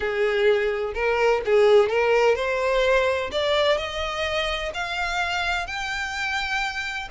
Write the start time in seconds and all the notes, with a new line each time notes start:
0.00 G#4
0.94 A#4
1.45 G#4
1.89 A#4
2.35 C5
3.31 D5
3.77 D#5
4.74 F5
5.66 G5